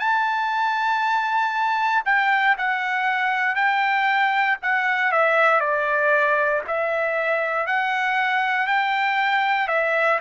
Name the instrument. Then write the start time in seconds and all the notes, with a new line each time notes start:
trumpet
0.00 A5
2.06 G5
2.58 F#5
3.56 G5
4.62 F#5
5.12 E5
5.60 D5
6.68 E5
7.67 F#5
8.67 G5
9.68 E5